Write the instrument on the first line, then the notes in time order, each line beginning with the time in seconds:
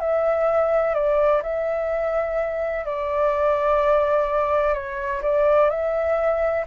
flute
0.00 E5
0.94 D5
1.43 E5
2.86 D5
4.74 C#5
5.23 D5
5.70 E5